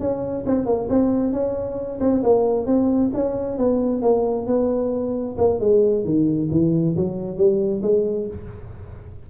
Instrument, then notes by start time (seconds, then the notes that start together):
tuba
0.00 C#4
0.46 C4
0.66 A#3
0.89 C4
1.32 C#4
2.00 C4
2.23 A#3
2.66 C4
3.14 C#4
3.58 B3
4.02 A#3
4.47 B3
5.38 A#3
5.60 G#3
6.04 D#3
6.51 E3
6.96 F#3
7.37 G3
7.82 G#3